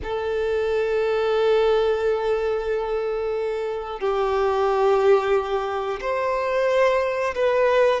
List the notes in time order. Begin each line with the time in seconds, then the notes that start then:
0.03 A4
4.00 G4
6.01 C5
7.35 B4